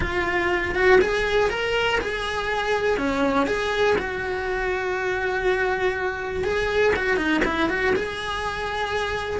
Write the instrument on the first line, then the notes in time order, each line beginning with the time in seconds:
cello
0.00 F4
0.74 F#4
1.01 G#4
1.50 A#4
2.01 G#4
2.97 C#4
3.47 G#4
3.97 F#4
6.44 G#4
6.96 F#4
7.17 D#4
7.44 E4
7.69 F#4
7.95 G#4